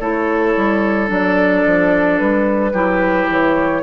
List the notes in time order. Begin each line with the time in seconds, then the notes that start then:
0.00 A3 E4 A4 C#5
0.57 G3
1.07 F#3 D4 D5
1.66 F3
2.18 G3 B4
2.73 F#3 E4 G4
3.29 E3 C#5